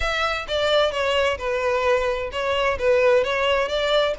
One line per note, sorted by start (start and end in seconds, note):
0.00 0.46 E5
0.47 0.91 D5
0.91 1.37 C#5
1.38 2.30 B4
2.31 2.78 C#5
2.78 3.24 B4
3.24 3.68 C#5
3.68 4.14 D5